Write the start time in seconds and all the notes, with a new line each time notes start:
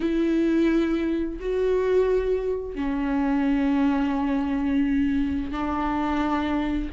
0.00 E4
1.40 F#4
2.75 C#4
5.51 D4